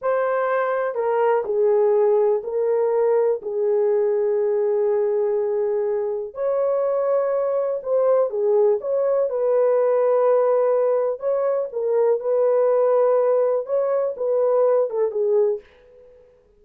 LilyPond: \new Staff \with { instrumentName = "horn" } { \time 4/4 \tempo 4 = 123 c''2 ais'4 gis'4~ | gis'4 ais'2 gis'4~ | gis'1~ | gis'4 cis''2. |
c''4 gis'4 cis''4 b'4~ | b'2. cis''4 | ais'4 b'2. | cis''4 b'4. a'8 gis'4 | }